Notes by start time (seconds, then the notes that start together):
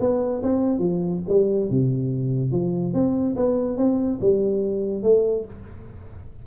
0.00 B3
0.43 C4
0.79 F3
1.28 G3
1.70 C3
2.52 F3
2.94 C4
3.36 B3
3.77 C4
4.21 G3
5.03 A3